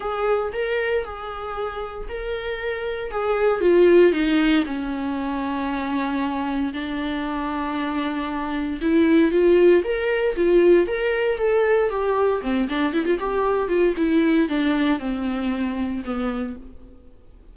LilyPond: \new Staff \with { instrumentName = "viola" } { \time 4/4 \tempo 4 = 116 gis'4 ais'4 gis'2 | ais'2 gis'4 f'4 | dis'4 cis'2.~ | cis'4 d'2.~ |
d'4 e'4 f'4 ais'4 | f'4 ais'4 a'4 g'4 | c'8 d'8 e'16 f'16 g'4 f'8 e'4 | d'4 c'2 b4 | }